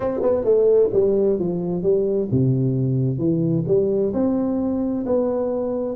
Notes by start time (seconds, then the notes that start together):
0.00 C4
0.22 B3
0.44 A3
0.93 G3
1.39 F3
1.82 G3
2.31 C3
3.18 E3
3.67 G3
4.13 C4
5.05 B3